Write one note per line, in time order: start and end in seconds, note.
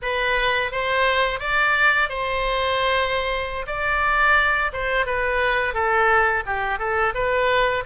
0.02 0.71 B4
0.71 1.39 C5
1.39 2.09 D5
2.09 3.66 C5
3.67 4.71 D5
4.73 5.05 C5
5.05 5.73 B4
5.73 6.43 A4
6.46 6.79 G4
6.79 7.14 A4
7.14 7.84 B4